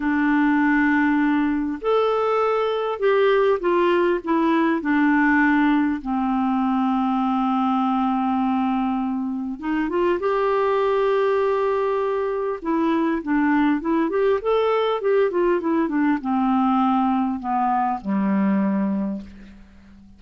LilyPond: \new Staff \with { instrumentName = "clarinet" } { \time 4/4 \tempo 4 = 100 d'2. a'4~ | a'4 g'4 f'4 e'4 | d'2 c'2~ | c'1 |
dis'8 f'8 g'2.~ | g'4 e'4 d'4 e'8 g'8 | a'4 g'8 f'8 e'8 d'8 c'4~ | c'4 b4 g2 | }